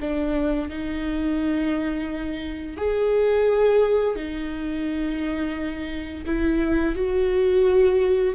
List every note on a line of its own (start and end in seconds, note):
0.00 0.69 D4
0.69 2.77 D#4
2.77 4.16 G#4
4.16 6.25 D#4
6.26 6.95 E4
6.95 8.35 F#4